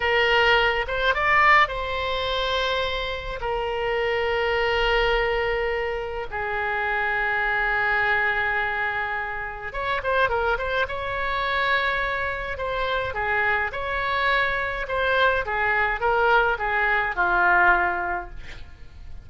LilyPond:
\new Staff \with { instrumentName = "oboe" } { \time 4/4 \tempo 4 = 105 ais'4. c''8 d''4 c''4~ | c''2 ais'2~ | ais'2. gis'4~ | gis'1~ |
gis'4 cis''8 c''8 ais'8 c''8 cis''4~ | cis''2 c''4 gis'4 | cis''2 c''4 gis'4 | ais'4 gis'4 f'2 | }